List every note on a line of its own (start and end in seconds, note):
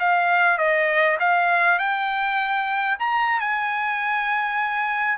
0.00 0.59 F5
0.59 1.18 D#5
1.20 1.79 F5
1.79 2.98 G5
2.99 3.41 A#5
3.41 5.18 G#5